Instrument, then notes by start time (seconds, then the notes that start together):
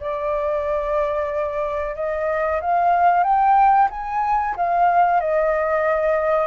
flute
0.00 D5
1.95 D#5
2.61 F5
3.23 G5
3.90 G#5
4.56 F5
5.20 D#5